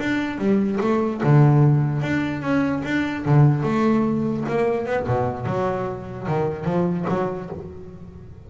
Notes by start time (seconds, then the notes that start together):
0.00 D4
0.39 G3
0.81 A3
1.24 D3
2.02 D4
2.42 C#4
2.85 D4
3.26 D3
3.63 A3
4.49 A#3
4.86 B3
5.07 B2
5.46 F#3
6.28 D#3
6.65 F3
7.09 F#3